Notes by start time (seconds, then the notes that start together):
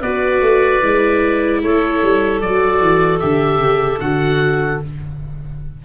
0.00 B3 F#4 B4 D5
0.41 A3
0.83 G#3 E4
1.62 A3 A4 C#5
2.03 G3
2.41 F#3 F#4 D5
2.81 E3
3.20 D3 G4 E5
3.59 C#3
4.00 D3 F#4 F#5